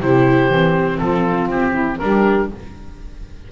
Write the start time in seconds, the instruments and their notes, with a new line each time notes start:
0.00 double bass C3, viola E4, saxophone G4, oboe C5
0.50 double bass E3, viola C4
0.98 double bass F3, saxophone F4, oboe A4
1.49 double bass C4, oboe G4
1.71 saxophone E4
1.99 double bass G3, viola D4, saxophone G4, oboe A#4